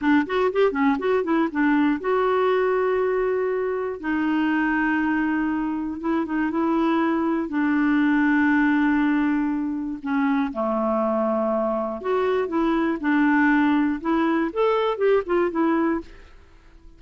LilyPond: \new Staff \with { instrumentName = "clarinet" } { \time 4/4 \tempo 4 = 120 d'8 fis'8 g'8 cis'8 fis'8 e'8 d'4 | fis'1 | dis'1 | e'8 dis'8 e'2 d'4~ |
d'1 | cis'4 a2. | fis'4 e'4 d'2 | e'4 a'4 g'8 f'8 e'4 | }